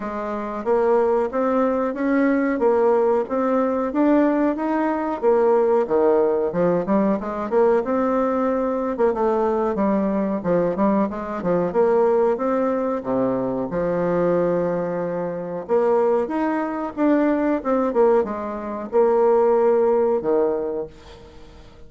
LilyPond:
\new Staff \with { instrumentName = "bassoon" } { \time 4/4 \tempo 4 = 92 gis4 ais4 c'4 cis'4 | ais4 c'4 d'4 dis'4 | ais4 dis4 f8 g8 gis8 ais8 | c'4.~ c'16 ais16 a4 g4 |
f8 g8 gis8 f8 ais4 c'4 | c4 f2. | ais4 dis'4 d'4 c'8 ais8 | gis4 ais2 dis4 | }